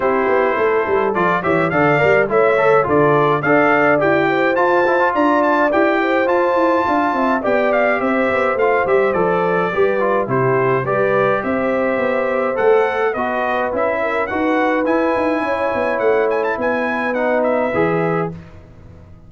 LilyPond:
<<
  \new Staff \with { instrumentName = "trumpet" } { \time 4/4 \tempo 4 = 105 c''2 d''8 e''8 f''4 | e''4 d''4 f''4 g''4 | a''4 ais''8 a''8 g''4 a''4~ | a''4 g''8 f''8 e''4 f''8 e''8 |
d''2 c''4 d''4 | e''2 fis''4 dis''4 | e''4 fis''4 gis''2 | fis''8 gis''16 a''16 gis''4 fis''8 e''4. | }
  \new Staff \with { instrumentName = "horn" } { \time 4/4 g'4 a'4. cis''8 d''4 | cis''4 a'4 d''4. c''8~ | c''4 d''4. c''4. | f''8 e''8 d''4 c''2~ |
c''4 b'4 g'4 b'4 | c''2. b'4~ | b'8 ais'8 b'2 cis''4~ | cis''4 b'2. | }
  \new Staff \with { instrumentName = "trombone" } { \time 4/4 e'2 f'8 g'8 a'8 ais'8 | e'8 a'8 f'4 a'4 g'4 | f'8 e'16 f'4~ f'16 g'4 f'4~ | f'4 g'2 f'8 g'8 |
a'4 g'8 f'8 e'4 g'4~ | g'2 a'4 fis'4 | e'4 fis'4 e'2~ | e'2 dis'4 gis'4 | }
  \new Staff \with { instrumentName = "tuba" } { \time 4/4 c'8 b8 a8 g8 f8 e8 d8 g8 | a4 d4 d'4 e'4 | f'4 d'4 e'4 f'8 e'8 | d'8 c'8 b4 c'8 b8 a8 g8 |
f4 g4 c4 g4 | c'4 b4 a4 b4 | cis'4 dis'4 e'8 dis'8 cis'8 b8 | a4 b2 e4 | }
>>